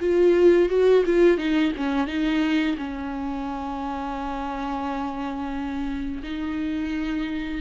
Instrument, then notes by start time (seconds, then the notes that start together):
viola
0.00 F4
0.69 F#4
1.05 F4
1.37 D#4
1.77 C#4
2.07 D#4
2.77 C#4
6.23 D#4